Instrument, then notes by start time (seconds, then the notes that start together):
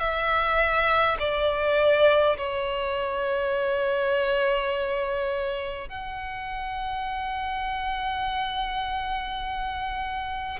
violin
0.00 E5
1.19 D5
2.37 C#5
5.89 F#5